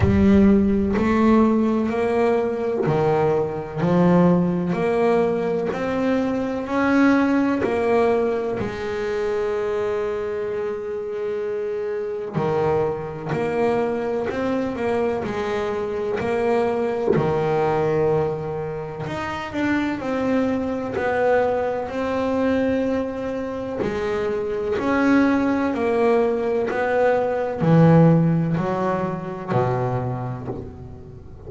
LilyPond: \new Staff \with { instrumentName = "double bass" } { \time 4/4 \tempo 4 = 63 g4 a4 ais4 dis4 | f4 ais4 c'4 cis'4 | ais4 gis2.~ | gis4 dis4 ais4 c'8 ais8 |
gis4 ais4 dis2 | dis'8 d'8 c'4 b4 c'4~ | c'4 gis4 cis'4 ais4 | b4 e4 fis4 b,4 | }